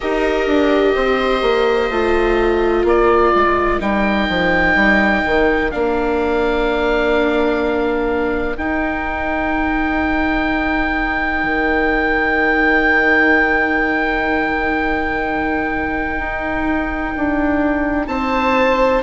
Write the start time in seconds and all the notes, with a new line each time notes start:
0.00 D#4 G4 A#4 D#5
0.46 D4
0.94 C4 C5
1.42 A#3
1.90 A3 F4
2.84 A#3 A#4 D5
3.35 G#3
3.79 G3 D#4 G5
4.28 F3
4.75 G3
5.26 D#3
5.71 A#3 D4 F5
8.57 D#4 G5
11.43 D#3
16.18 D#4
17.16 D4
18.07 C4 C5 A5